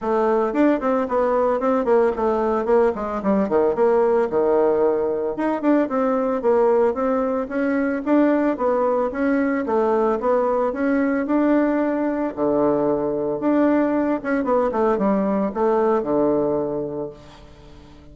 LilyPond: \new Staff \with { instrumentName = "bassoon" } { \time 4/4 \tempo 4 = 112 a4 d'8 c'8 b4 c'8 ais8 | a4 ais8 gis8 g8 dis8 ais4 | dis2 dis'8 d'8 c'4 | ais4 c'4 cis'4 d'4 |
b4 cis'4 a4 b4 | cis'4 d'2 d4~ | d4 d'4. cis'8 b8 a8 | g4 a4 d2 | }